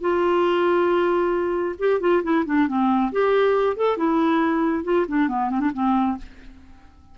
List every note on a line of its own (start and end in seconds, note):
0.00 1.75 F4
1.78 2.00 G4
2.00 2.22 F4
2.23 2.45 E4
2.45 2.67 D4
2.67 3.11 C4
3.12 3.76 G4
3.76 3.97 A4
3.97 4.84 E4
4.84 5.06 F4
5.08 5.28 D4
5.28 5.50 B3
5.50 5.60 C4
5.60 5.71 D4
5.74 6.17 C4